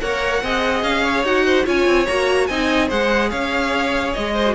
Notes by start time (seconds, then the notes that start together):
0.00 A#3 A#4 C#5 F#5
0.42 C4 G#4 D#5
0.82 C#4 F5
1.03 C#5
1.23 D#4 F#4 F#5
1.45 C5
1.64 C#4 F4 C#5 G#5
1.86 C4
2.06 A#3 F#4 A#5
2.46 C4 D#4 D#5 G#5
2.87 G#3 G#4 C5 F#5
3.30 C#4 C#5 F5
4.13 G#3 D#5
4.33 C5
4.46 F#4